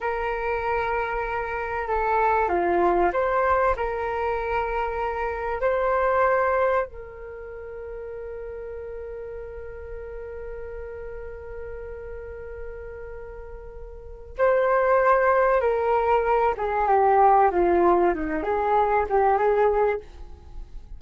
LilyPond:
\new Staff \with { instrumentName = "flute" } { \time 4/4 \tempo 4 = 96 ais'2. a'4 | f'4 c''4 ais'2~ | ais'4 c''2 ais'4~ | ais'1~ |
ais'1~ | ais'2. c''4~ | c''4 ais'4. gis'8 g'4 | f'4 dis'8 gis'4 g'8 gis'4 | }